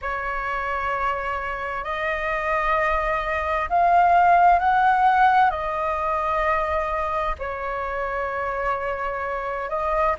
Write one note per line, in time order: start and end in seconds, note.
0.01 1.84 C#5
1.84 3.68 D#5
3.69 4.59 F5
4.59 5.50 F#5
5.50 7.35 D#5
7.38 9.69 C#5
9.69 10.15 D#5